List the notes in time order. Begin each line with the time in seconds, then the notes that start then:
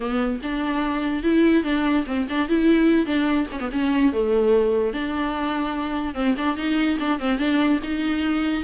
0.00 B3
0.42 D4
1.23 E4
1.63 D4
2.06 C4
2.29 D4
2.48 E4
3.05 D4
3.52 C#4
3.59 B3
3.72 C#4
4.12 A3
4.93 D4
6.14 C4
6.37 D4
6.56 D#4
6.99 D4
7.19 C4
7.38 D4
7.83 D#4